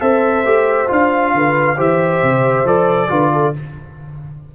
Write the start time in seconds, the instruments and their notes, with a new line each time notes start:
0.00 tuba C4, trombone A4, horn C5, trumpet E5
0.45 tuba A3, trombone G4
0.87 tuba D4, trombone F4, trumpet F5
1.34 tuba D3, horn B4
1.76 tuba E3, trombone G4, horn C5, trumpet E5
2.22 tuba C3
2.65 tuba F3, trombone A4, trumpet D5
3.09 tuba D3, trombone F4, horn B4
3.33 horn A4